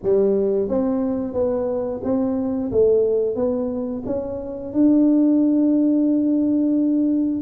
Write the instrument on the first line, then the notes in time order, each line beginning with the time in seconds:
tuba
0.02 G3
0.68 C4
1.33 B3
2.03 C4
2.72 A3
3.35 B3
4.05 C#4
4.73 D4